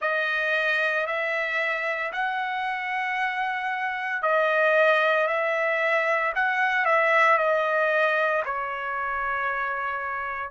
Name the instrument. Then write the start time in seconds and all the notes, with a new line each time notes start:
trumpet
0.00 D#5
1.06 E5
2.12 F#5
4.22 D#5
5.27 E5
6.34 F#5
6.85 E5
7.37 D#5
8.45 C#5